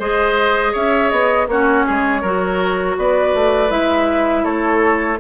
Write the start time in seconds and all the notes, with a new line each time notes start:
0.00 G#3 G#4 C5 D#5
0.73 C#4 C#5 E5
1.10 B3 D#5
1.48 A#3 C#4 F#4 C#5
1.86 G#3 G#4
2.22 F#3 F#4 A#4
2.98 B3 B4 D5
3.35 A3
3.69 G#3 E4 E5
4.44 A3 A4 C#5